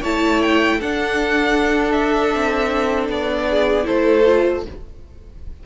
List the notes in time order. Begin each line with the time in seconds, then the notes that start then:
0.00 A3 E4 C#5 A5
0.42 G5
0.77 D4 A4 F#5
1.91 E5
2.34 C4
3.08 B3 D5
3.50 G#4
3.83 A3 E4 A4 C5
4.25 F4